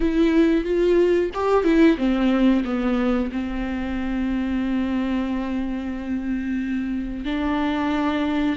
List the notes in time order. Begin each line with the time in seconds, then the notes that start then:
0.00 E4
0.64 F4
1.34 G4
1.64 E4
1.97 C4
2.64 B3
3.31 C4
7.24 D4